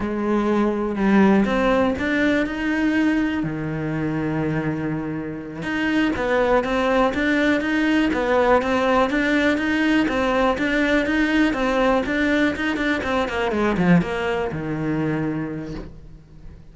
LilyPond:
\new Staff \with { instrumentName = "cello" } { \time 4/4 \tempo 4 = 122 gis2 g4 c'4 | d'4 dis'2 dis4~ | dis2.~ dis8 dis'8~ | dis'8 b4 c'4 d'4 dis'8~ |
dis'8 b4 c'4 d'4 dis'8~ | dis'8 c'4 d'4 dis'4 c'8~ | c'8 d'4 dis'8 d'8 c'8 ais8 gis8 | f8 ais4 dis2~ dis8 | }